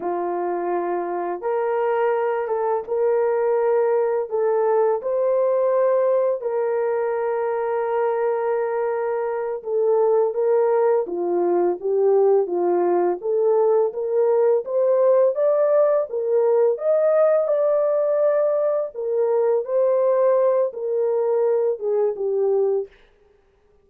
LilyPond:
\new Staff \with { instrumentName = "horn" } { \time 4/4 \tempo 4 = 84 f'2 ais'4. a'8 | ais'2 a'4 c''4~ | c''4 ais'2.~ | ais'4. a'4 ais'4 f'8~ |
f'8 g'4 f'4 a'4 ais'8~ | ais'8 c''4 d''4 ais'4 dis''8~ | dis''8 d''2 ais'4 c''8~ | c''4 ais'4. gis'8 g'4 | }